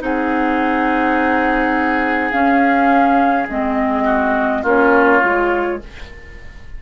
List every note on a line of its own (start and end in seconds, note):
0.00 2.32 C4
0.00 2.31 D#4
0.00 4.04 G#4
0.00 2.31 F#5
2.31 3.48 C#4
2.31 3.49 C#4
2.31 3.47 F5
3.50 4.64 G#3
3.50 4.65 C4
3.50 4.65 D#5
4.04 4.62 F#4
4.63 5.21 A#3
4.63 5.21 C#4
4.63 5.78 F4
4.63 5.83 C#5
5.21 5.81 G#3
5.21 5.79 F4